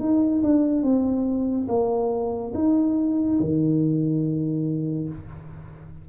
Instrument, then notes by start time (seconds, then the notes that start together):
tuba
0.00 D#4
0.43 D4
0.83 C4
1.69 A#3
2.55 D#4
3.40 D#3